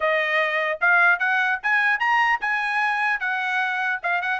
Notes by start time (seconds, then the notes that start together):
0.00 D#5
0.80 F5
1.19 F#5
1.62 G#5
1.99 A#5
2.40 G#5
3.20 F#5
4.02 F5
4.21 F#5